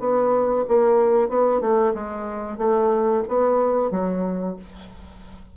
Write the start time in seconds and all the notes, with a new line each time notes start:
0.00 B3
0.68 A#3
1.29 B3
1.61 A3
1.94 G#3
2.58 A3
3.28 B3
3.91 F#3